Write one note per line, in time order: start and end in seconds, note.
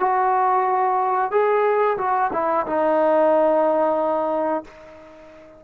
0.00 1.32 F#4
1.32 1.98 G#4
1.98 2.31 F#4
2.33 2.66 E4
2.67 4.65 D#4